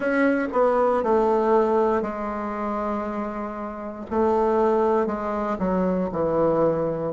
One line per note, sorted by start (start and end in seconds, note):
0.00 0.47 C#4
0.52 1.03 B3
1.03 2.02 A3
2.02 4.05 G#3
4.10 5.06 A3
5.06 5.57 G#3
5.58 6.09 F#3
6.12 7.13 E3